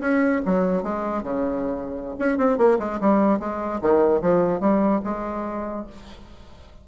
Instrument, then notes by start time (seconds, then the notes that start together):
bassoon
0.00 C#4
0.45 F#3
0.83 G#3
1.23 C#3
2.19 C#4
2.37 C4
2.57 A#3
2.79 G#3
3.00 G3
3.39 G#3
3.81 D#3
4.21 F3
4.60 G3
5.04 G#3